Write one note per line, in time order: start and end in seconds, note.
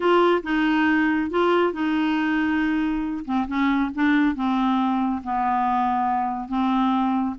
0.00 0.42 F4
0.43 1.30 D#4
1.30 1.72 F4
1.72 3.25 D#4
3.25 3.47 C4
3.47 3.91 C#4
3.94 4.35 D4
4.35 5.22 C4
5.23 6.48 B3
6.48 7.35 C4